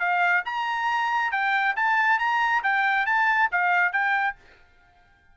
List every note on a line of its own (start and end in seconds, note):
0.00 0.43 F5
0.46 1.32 A#5
1.32 1.75 G5
1.77 2.19 A5
2.19 2.63 A#5
2.63 3.06 G5
3.06 3.50 A5
3.52 3.93 F5
3.93 4.36 G5